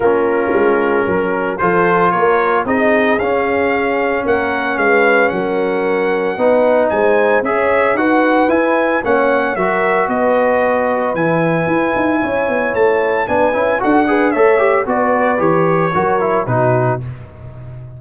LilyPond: <<
  \new Staff \with { instrumentName = "trumpet" } { \time 4/4 \tempo 4 = 113 ais'2. c''4 | cis''4 dis''4 f''2 | fis''4 f''4 fis''2~ | fis''4 gis''4 e''4 fis''4 |
gis''4 fis''4 e''4 dis''4~ | dis''4 gis''2. | a''4 gis''4 fis''4 e''4 | d''4 cis''2 b'4 | }
  \new Staff \with { instrumentName = "horn" } { \time 4/4 f'2 ais'4 a'4 | ais'4 gis'2. | ais'4 b'4 ais'2 | b'4 c''4 cis''4 b'4~ |
b'4 cis''4 ais'4 b'4~ | b'2. cis''4~ | cis''4 b'4 a'8 b'8 cis''4 | b'2 ais'4 fis'4 | }
  \new Staff \with { instrumentName = "trombone" } { \time 4/4 cis'2. f'4~ | f'4 dis'4 cis'2~ | cis'1 | dis'2 gis'4 fis'4 |
e'4 cis'4 fis'2~ | fis'4 e'2.~ | e'4 d'8 e'8 fis'8 gis'8 a'8 g'8 | fis'4 g'4 fis'8 e'8 dis'4 | }
  \new Staff \with { instrumentName = "tuba" } { \time 4/4 ais4 gis4 fis4 f4 | ais4 c'4 cis'2 | ais4 gis4 fis2 | b4 gis4 cis'4 dis'4 |
e'4 ais4 fis4 b4~ | b4 e4 e'8 dis'8 cis'8 b8 | a4 b8 cis'8 d'4 a4 | b4 e4 fis4 b,4 | }
>>